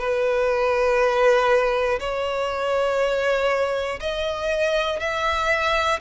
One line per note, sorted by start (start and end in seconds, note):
0.00 2.00 B4
2.00 4.00 C#5
4.01 5.00 D#5
5.00 6.00 E5